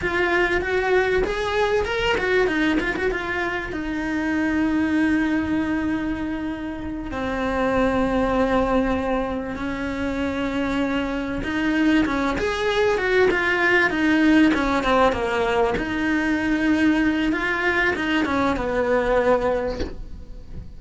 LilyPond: \new Staff \with { instrumentName = "cello" } { \time 4/4 \tempo 4 = 97 f'4 fis'4 gis'4 ais'8 fis'8 | dis'8 f'16 fis'16 f'4 dis'2~ | dis'2.~ dis'8 c'8~ | c'2.~ c'8 cis'8~ |
cis'2~ cis'8 dis'4 cis'8 | gis'4 fis'8 f'4 dis'4 cis'8 | c'8 ais4 dis'2~ dis'8 | f'4 dis'8 cis'8 b2 | }